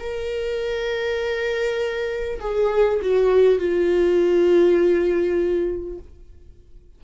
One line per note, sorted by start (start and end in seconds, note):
0.00 2.40 A#4
2.41 3.01 G#4
3.02 3.59 F#4
3.59 5.99 F4